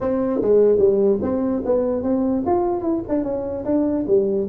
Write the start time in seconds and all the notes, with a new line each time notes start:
0.00 C4
0.41 G#3
0.78 G3
1.22 C4
1.65 B3
2.02 C4
2.46 F4
2.82 E4
3.08 D4
3.23 C#4
3.64 D4
4.07 G3